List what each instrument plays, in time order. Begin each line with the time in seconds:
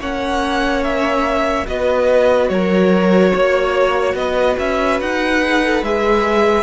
0.00 cello A#3, viola C#4, violin C#5 F#5
0.84 violin E5
1.67 cello B3, viola F#4, violin B4 D#5
2.49 cello F#3, violin A#4 C#5
3.32 cello A#3, violin C#5
4.14 cello B3, violin B4 D#5
4.59 cello C#4, violin E5
5.01 cello D#4, violin F#5
5.42 viola G#4
5.65 viola A4
5.83 cello G#3, viola G#4, violin E5